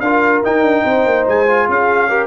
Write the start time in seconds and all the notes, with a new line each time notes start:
0.00 D4 F4 A#4 F5
0.44 D#4 G5
0.62 D4
0.83 C4 C5
1.06 A#3
1.28 G#3 G#5
1.47 F4
1.68 C#4 G#4 F5
2.09 G4 A#4